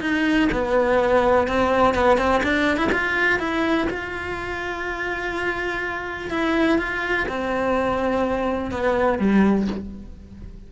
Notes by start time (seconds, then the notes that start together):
0.00 D#4
0.52 B3
1.47 C4
1.94 B3
2.17 C4
2.43 D4
2.77 E4
2.92 F4
3.39 E4
3.90 F4
6.30 E4
6.78 F4
7.28 C4
8.71 B3
9.18 G3